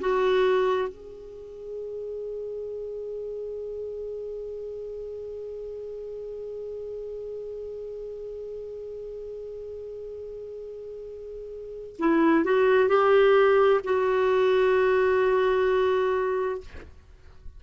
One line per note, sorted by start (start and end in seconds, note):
0.00 0.89 F#4
0.89 11.96 G#4
11.99 12.44 E4
12.44 12.89 F#4
12.89 13.81 G4
13.84 16.61 F#4